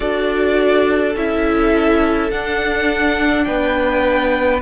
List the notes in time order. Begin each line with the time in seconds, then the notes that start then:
0.00 D4 F#4 A4 D5
1.15 C#4 E4 E5
2.31 D4 F#5
3.44 B3 B4 G5